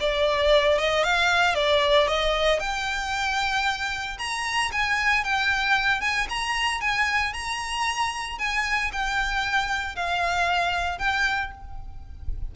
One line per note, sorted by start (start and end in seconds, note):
0.00 0.79 D5
0.79 1.04 D#5
1.04 1.55 F5
1.55 2.08 D5
2.08 2.60 D#5
2.60 4.18 G5
4.19 4.71 A#5
4.72 5.24 G#5
5.24 6.01 G5
6.01 6.27 G#5
6.29 6.81 A#5
6.81 7.33 G#5
7.33 8.39 A#5
8.39 8.91 G#5
8.92 9.96 G5
9.96 10.99 F5
10.99 11.51 G5